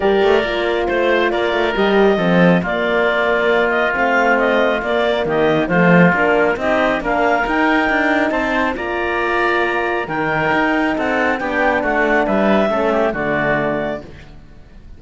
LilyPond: <<
  \new Staff \with { instrumentName = "clarinet" } { \time 4/4 \tempo 4 = 137 d''2 c''4 d''4 | dis''2 d''2~ | d''8 dis''8 f''4 dis''4 d''4 | dis''4 c''4 ais'4 dis''4 |
f''4 g''2 a''4 | ais''2. g''4~ | g''4 fis''4 g''4 fis''4 | e''2 d''2 | }
  \new Staff \with { instrumentName = "oboe" } { \time 4/4 ais'2 c''4 ais'4~ | ais'4 a'4 f'2~ | f'1 | g'4 f'2 g'4 |
ais'2. c''4 | d''2. ais'4~ | ais'4 a'4 g'4 fis'4 | b'4 a'8 g'8 fis'2 | }
  \new Staff \with { instrumentName = "horn" } { \time 4/4 g'4 f'2. | g'4 c'4 ais2~ | ais4 c'2 ais4~ | ais4 a4 d'4 dis'4 |
d'4 dis'2. | f'2. dis'4~ | dis'2 d'2~ | d'4 cis'4 a2 | }
  \new Staff \with { instrumentName = "cello" } { \time 4/4 g8 a8 ais4 a4 ais8 a8 | g4 f4 ais2~ | ais4 a2 ais4 | dis4 f4 ais4 c'4 |
ais4 dis'4 d'4 c'4 | ais2. dis4 | dis'4 c'4 b4 a4 | g4 a4 d2 | }
>>